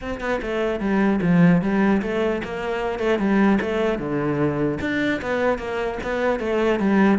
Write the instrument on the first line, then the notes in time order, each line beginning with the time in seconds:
cello
0.01 C4
0.20 B3
0.42 A3
0.79 G3
1.21 F3
1.61 G3
2.01 A3
2.44 A#3
2.99 A3
3.19 G3
3.61 A3
3.99 D3
4.80 D4
5.21 B3
5.58 A#3
6.03 B3
6.39 A3
6.79 G3